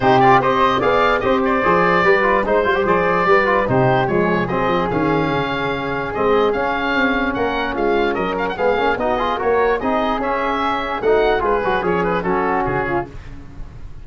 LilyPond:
<<
  \new Staff \with { instrumentName = "oboe" } { \time 4/4 \tempo 4 = 147 c''8 d''8 dis''4 f''4 dis''8 d''8~ | d''2 c''4 d''4~ | d''4 c''4 cis''4 dis''4 | f''2. dis''4 |
f''2 fis''4 f''4 | dis''8 f''16 fis''16 f''4 dis''4 cis''4 | dis''4 e''2 fis''4 | b'4 cis''8 b'8 a'4 gis'4 | }
  \new Staff \with { instrumentName = "flute" } { \time 4/4 g'4 c''4 d''4 c''4~ | c''4 b'4 c''2 | b'4 g'4 gis'2~ | gis'1~ |
gis'2 ais'4 f'4 | ais'4 gis'4 fis'8 gis'8 ais'4 | gis'2. fis'4 | gis'4 cis'4 fis'4. f'8 | }
  \new Staff \with { instrumentName = "trombone" } { \time 4/4 dis'8 f'8 g'4 gis'4 g'4 | gis'4 g'8 f'8 dis'8 f'16 g'16 gis'4 | g'8 f'8 dis'4 gis4 c'4 | cis'2. c'4 |
cis'1~ | cis'4 b8 cis'8 dis'8 f'8 fis'4 | dis'4 cis'2 dis'4 | f'8 fis'8 gis'4 cis'2 | }
  \new Staff \with { instrumentName = "tuba" } { \time 4/4 c4 c'4 b4 c'4 | f4 g4 gis8 g8 f4 | g4 c4 f4 fis8 f8 | dis4 cis2 gis4 |
cis'4 c'4 ais4 gis4 | fis4 gis8 ais8 b4 ais4 | c'4 cis'2 a4 | gis8 fis8 f4 fis4 cis4 | }
>>